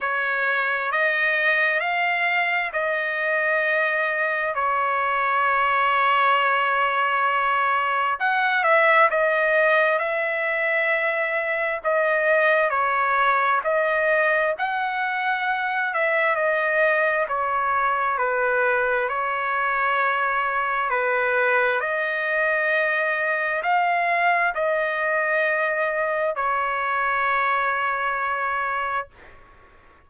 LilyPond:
\new Staff \with { instrumentName = "trumpet" } { \time 4/4 \tempo 4 = 66 cis''4 dis''4 f''4 dis''4~ | dis''4 cis''2.~ | cis''4 fis''8 e''8 dis''4 e''4~ | e''4 dis''4 cis''4 dis''4 |
fis''4. e''8 dis''4 cis''4 | b'4 cis''2 b'4 | dis''2 f''4 dis''4~ | dis''4 cis''2. | }